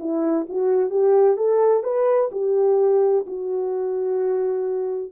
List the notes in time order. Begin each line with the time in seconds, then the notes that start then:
0.00 E4
0.49 F#4
0.90 G4
1.37 A4
1.83 B4
2.32 G4
3.26 F#4